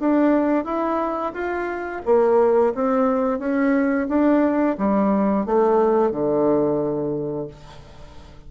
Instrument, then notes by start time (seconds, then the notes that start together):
bassoon
0.00 D4
0.64 E4
1.34 F4
2.05 A#3
2.75 C4
3.39 C#4
4.08 D4
4.78 G3
5.46 A3
6.11 D3